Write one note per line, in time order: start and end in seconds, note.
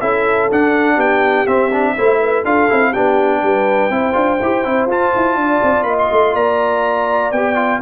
0.00 0.50 C#4
0.00 0.50 E4
0.00 0.94 A4
0.00 0.49 E5
0.51 1.46 D4
0.51 0.96 D4
0.51 1.00 F#5
0.94 1.45 B3
0.94 1.92 G4
0.94 1.46 G5
1.46 1.70 C4
1.46 1.96 C4
1.46 2.44 E5
1.72 1.96 D4
1.97 2.44 A3
1.97 2.45 E4
1.97 2.20 C5
2.20 2.44 B4
2.44 2.68 D4
2.44 2.69 F4
2.44 2.90 A4
2.44 2.92 F5
2.69 2.95 C4
2.69 2.93 E4
2.90 3.42 B3
2.90 3.90 D4
2.90 3.39 G4
2.90 4.88 G5
3.42 3.89 G3
3.42 3.93 B4
3.89 4.14 C4
3.89 4.12 E4
3.89 5.39 C5
4.12 4.39 D4
4.12 4.37 F4
4.41 4.65 E4
4.41 4.64 G4
4.64 4.86 C4
4.64 4.89 E4
4.86 5.10 F4
4.86 7.33 F4
4.86 5.83 A5
5.16 5.35 E4
5.35 5.60 D4
5.35 5.88 D5
5.62 5.83 C4
5.83 6.07 A#3
5.83 6.35 D#5
5.83 5.95 B5
5.99 6.35 C6
6.11 6.34 A3
6.34 7.31 A#3
6.34 7.81 D5
6.34 7.31 A#5
7.31 7.80 B3
7.31 7.55 G4
7.31 7.80 G5
7.55 7.79 F4